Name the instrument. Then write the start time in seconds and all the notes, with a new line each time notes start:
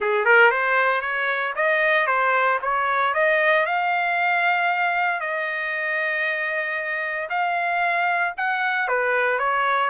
trumpet
0.00 G#4
0.25 A#4
0.51 C5
1.01 C#5
1.55 D#5
2.07 C5
2.61 C#5
3.14 D#5
3.66 F5
5.20 D#5
7.29 F5
8.37 F#5
8.87 B4
9.38 C#5